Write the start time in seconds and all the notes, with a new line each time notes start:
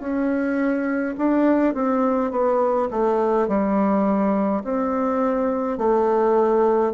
0.00 C#4
1.19 D4
1.75 C4
2.31 B3
2.91 A3
3.48 G3
4.64 C4
5.78 A3